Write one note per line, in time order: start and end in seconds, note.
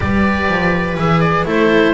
0.00 0.48 G3
0.00 0.96 G4
0.00 1.47 B4
0.00 0.96 D5
0.48 0.97 F3
0.96 1.45 E3
0.96 1.45 G#4
0.96 1.20 E5
1.20 1.44 D5
1.45 1.93 A3
1.45 1.93 E4
1.45 1.93 A4
1.45 1.93 C5